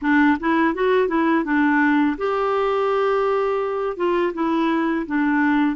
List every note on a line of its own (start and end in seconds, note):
0.01 0.37 D4
0.40 0.74 E4
0.74 1.08 F#4
1.08 1.44 E4
1.44 2.16 D4
2.17 3.96 G4
3.96 4.32 F4
4.33 5.06 E4
5.06 5.76 D4